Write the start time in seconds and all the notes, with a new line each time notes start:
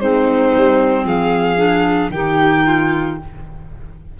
0.00 G#3 C4 D#4 C5
0.56 G3
1.04 F3 G#4 F5
1.57 D4
2.10 D#3 D#4 G4 G5
2.66 F4